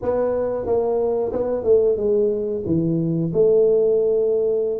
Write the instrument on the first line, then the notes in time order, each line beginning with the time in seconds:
tuba
0.01 B3
0.66 A#3
1.32 B3
1.63 A3
1.96 G#3
2.66 E3
3.33 A3